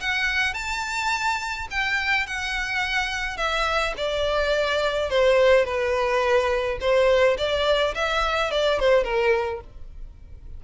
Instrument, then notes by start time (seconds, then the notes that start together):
violin
0.00 F#5
0.54 A5
1.71 G5
2.26 F#5
3.37 E5
3.97 D5
5.09 C5
5.65 B4
6.80 C5
7.38 D5
7.95 E5
8.51 D5
8.79 C5
9.04 A#4